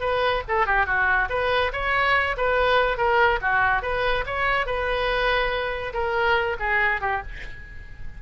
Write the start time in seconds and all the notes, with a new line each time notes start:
0.00 B4
0.48 A4
0.66 G4
0.86 F#4
1.29 B4
1.72 C#5
2.37 B4
2.97 A#4
3.41 F#4
3.82 B4
4.26 C#5
4.66 B4
5.93 A#4
6.59 G#4
7.01 G4